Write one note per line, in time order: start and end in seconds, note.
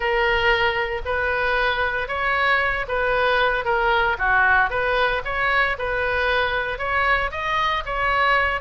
0.00 1.01 A#4
1.05 2.08 B4
2.08 2.86 C#5
2.88 3.64 B4
3.64 4.16 A#4
4.18 4.70 F#4
4.70 5.22 B4
5.24 5.77 C#5
5.78 6.78 B4
6.78 7.30 C#5
7.31 7.83 D#5
7.85 8.61 C#5